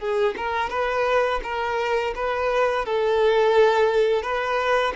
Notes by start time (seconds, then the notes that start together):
0.00 G#4
0.37 A#4
0.70 B4
1.44 A#4
2.16 B4
2.86 A4
4.23 B4